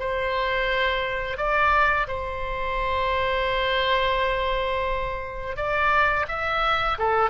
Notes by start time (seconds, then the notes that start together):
0.00 C5
1.38 D5
2.08 C5
5.57 D5
6.28 E5
6.99 A4